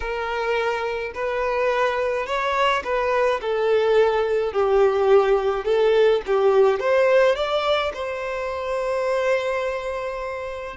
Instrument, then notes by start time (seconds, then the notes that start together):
violin
0.00 A#4
1.14 B4
2.26 C#5
2.84 B4
3.41 A4
4.53 G4
5.64 A4
6.26 G4
6.79 C5
7.35 D5
7.93 C5